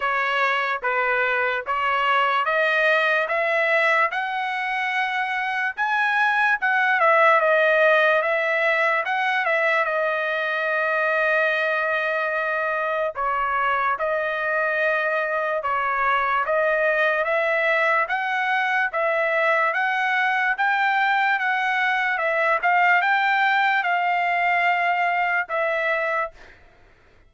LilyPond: \new Staff \with { instrumentName = "trumpet" } { \time 4/4 \tempo 4 = 73 cis''4 b'4 cis''4 dis''4 | e''4 fis''2 gis''4 | fis''8 e''8 dis''4 e''4 fis''8 e''8 | dis''1 |
cis''4 dis''2 cis''4 | dis''4 e''4 fis''4 e''4 | fis''4 g''4 fis''4 e''8 f''8 | g''4 f''2 e''4 | }